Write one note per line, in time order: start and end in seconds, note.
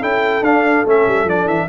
0.00 0.41 C#4
0.00 0.43 E4
0.00 1.67 A4
0.00 0.44 G5
0.41 0.83 D4
0.41 0.86 D4
0.41 0.85 F5
0.86 1.06 A3
0.86 1.27 C#4
0.86 1.29 E5
1.07 1.25 G3
1.25 1.45 F3
1.25 1.69 D4
1.25 1.48 D5
1.45 1.65 E3
1.45 1.69 E5